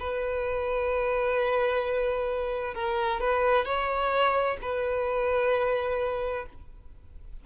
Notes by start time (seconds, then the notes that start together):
0.00 B4
2.75 A#4
3.21 B4
3.65 C#5
4.62 B4